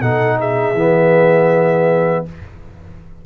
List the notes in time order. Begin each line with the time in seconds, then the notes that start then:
0.00 B2 D#4 A4 F#5
0.39 G#4 E5
0.74 E3 B3